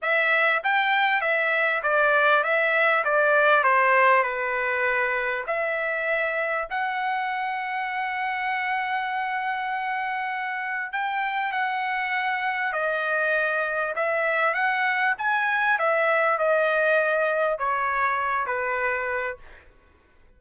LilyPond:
\new Staff \with { instrumentName = "trumpet" } { \time 4/4 \tempo 4 = 99 e''4 g''4 e''4 d''4 | e''4 d''4 c''4 b'4~ | b'4 e''2 fis''4~ | fis''1~ |
fis''2 g''4 fis''4~ | fis''4 dis''2 e''4 | fis''4 gis''4 e''4 dis''4~ | dis''4 cis''4. b'4. | }